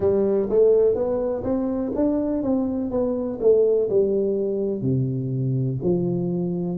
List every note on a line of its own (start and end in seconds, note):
0.00 0.48 G3
0.49 0.94 A3
0.94 1.43 B3
1.43 1.91 C4
1.95 2.42 D4
2.42 2.90 C4
2.90 3.39 B3
3.40 3.89 A3
3.89 4.81 G3
4.81 5.78 C3
5.82 6.78 F3